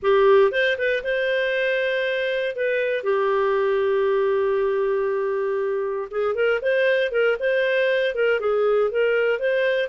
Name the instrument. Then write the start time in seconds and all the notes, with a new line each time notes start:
clarinet
0.02 G4
0.51 C5
0.77 B4
1.03 C5
2.55 B4
3.03 G4
6.10 G#4
6.34 A#4
6.61 C5
7.11 A#4
7.39 C5
8.14 A#4
8.40 G#4
8.90 A#4
9.39 C5